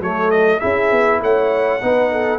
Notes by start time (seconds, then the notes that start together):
0.00 F#3 A3 A4 C#5
0.31 D#5
0.59 C#4 E4 G#4 E5
0.91 B3
1.21 A3 C#5 F#5
1.81 B3 D#4 B4
2.11 A4